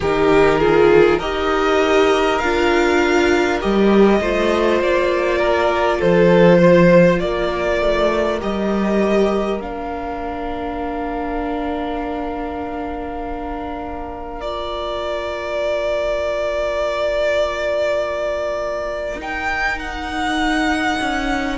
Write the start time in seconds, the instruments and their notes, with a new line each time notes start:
0.00 cello D#3, viola D#4, violin G4 A#4
0.58 viola F4, violin G#4
1.18 cello D#4, viola G4, violin A#4 D#5
2.38 cello D4, viola F4, violin F5
3.60 cello G3, viola G4, violin D#5
4.20 cello A3, viola F4, violin C5
4.80 cello A#3, violin D5
5.38 violin A#4
5.98 cello F3, violin A4 C5
6.58 violin C5
7.19 cello A#3, violin A#4 D5
7.81 cello A3
8.39 cello G3, viola G4, violin D#5
9.61 cello A#3, viola D4, violin F5
14.40 viola F4, violin D5
19.16 cello D#4, viola D#4, violin G5
19.79 violin F#5
21.00 cello C#4